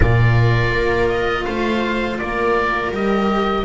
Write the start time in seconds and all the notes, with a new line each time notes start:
0.00 A#2 F4 A#4 D5
0.72 A#3
1.08 D#5
1.44 A3 C5 F5
2.18 A#3 A#4 D5
2.90 G3 G4 D#5